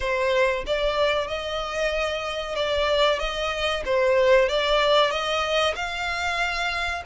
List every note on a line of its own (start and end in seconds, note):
0.00 0.64 C5
0.66 1.27 D5
1.27 2.55 D#5
2.55 3.19 D5
3.19 3.83 D#5
3.85 4.49 C5
4.49 5.10 D5
5.10 5.74 D#5
5.75 7.03 F5